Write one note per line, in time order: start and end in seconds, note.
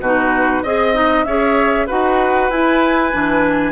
0.00 0.62 B2
0.00 0.65 D#4
0.00 0.63 F#4
0.00 0.64 B4
0.63 1.25 C4
0.63 0.93 G#4
0.63 1.25 D#5
0.63 1.24 D#5
0.93 1.24 D#4
1.24 1.88 C#4
1.24 1.88 G#4
1.24 1.87 C#5
1.24 1.86 E5
1.87 2.50 D#4
1.87 2.51 F#4
1.87 3.72 B4
1.87 2.50 F#5
2.50 3.12 E4
2.50 3.72 G#5
3.12 3.72 E3
3.12 3.72 D4